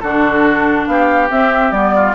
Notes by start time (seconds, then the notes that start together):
0.00 D3 D4 F#4 A4
0.86 B3 G4 F5
1.29 C4 E5
1.71 G3 B3 D5
1.95 F4